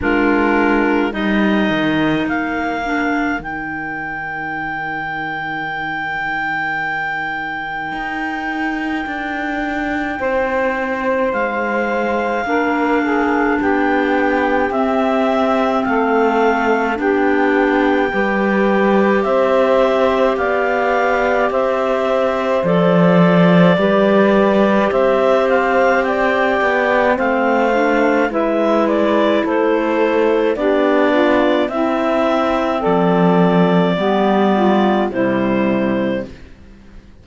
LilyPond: <<
  \new Staff \with { instrumentName = "clarinet" } { \time 4/4 \tempo 4 = 53 ais'4 dis''4 f''4 g''4~ | g''1~ | g''2 f''2 | g''4 e''4 f''4 g''4~ |
g''4 e''4 f''4 e''4 | d''2 e''8 f''8 g''4 | f''4 e''8 d''8 c''4 d''4 | e''4 d''2 c''4 | }
  \new Staff \with { instrumentName = "saxophone" } { \time 4/4 f'4 ais'2.~ | ais'1~ | ais'4 c''2 ais'8 gis'8 | g'2 a'4 g'4 |
b'4 c''4 d''4 c''4~ | c''4 b'4 c''4 d''4 | c''4 b'4 a'4 g'8 f'8 | e'4 a'4 g'8 f'8 e'4 | }
  \new Staff \with { instrumentName = "clarinet" } { \time 4/4 d'4 dis'4. d'8 dis'4~ | dis'1~ | dis'2. d'4~ | d'4 c'2 d'4 |
g'1 | a'4 g'2. | c'8 d'8 e'2 d'4 | c'2 b4 g4 | }
  \new Staff \with { instrumentName = "cello" } { \time 4/4 gis4 g8 dis8 ais4 dis4~ | dis2. dis'4 | d'4 c'4 gis4 ais4 | b4 c'4 a4 b4 |
g4 c'4 b4 c'4 | f4 g4 c'4. b8 | a4 gis4 a4 b4 | c'4 f4 g4 c4 | }
>>